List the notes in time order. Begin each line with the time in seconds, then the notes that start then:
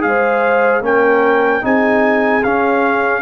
0.00 G#3 G#4 F5
0.07 C5
0.80 A#3 C#4 A#4 G5
1.62 C4 D#4 G#4 G#5
2.43 C#4 F5